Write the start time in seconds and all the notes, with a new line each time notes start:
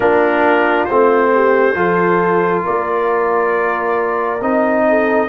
0.00 A#3 D4 F4 A#4
0.85 A3 C4 C5
1.33 G4
1.74 F3 F4 A4
2.64 A#3 A#4 D5
4.40 C4 D#4 D#5
4.88 A4